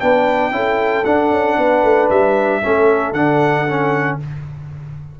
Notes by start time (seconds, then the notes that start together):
0.00 B3 D4 B4 G5
0.51 C#4 E4 A4
1.04 D4 F#5
1.31 C#4
1.57 B3 B4
1.83 A3
2.10 G3 E5
2.62 A3 C#4 A4
3.12 D3 D4 F#5
3.68 C#4